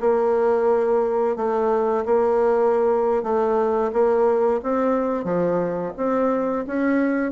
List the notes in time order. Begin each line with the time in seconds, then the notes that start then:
0.00 A#3
1.36 A3
2.05 A#3
3.23 A3
3.92 A#3
4.63 C4
5.24 F3
5.97 C4
6.67 C#4